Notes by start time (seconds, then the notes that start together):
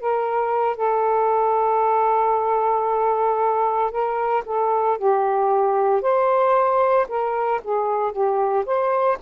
0.00 A#4
0.77 A4
3.91 A#4
4.45 A4
4.98 G4
6.01 C5
7.08 A#4
7.64 G#4
8.12 G4
8.66 C5